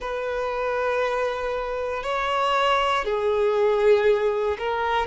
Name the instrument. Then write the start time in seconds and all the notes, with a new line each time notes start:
violin
0.00 B4
2.03 C#5
3.05 G#4
4.58 A#4